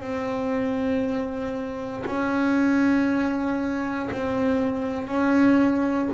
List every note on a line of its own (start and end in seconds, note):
0.00 2.03 C4
2.06 4.09 C#4
4.11 5.07 C4
5.07 6.09 C#4